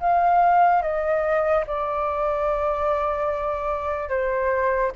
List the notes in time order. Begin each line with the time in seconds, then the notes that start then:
0.00 F5
0.82 D#5
1.67 D5
4.09 C5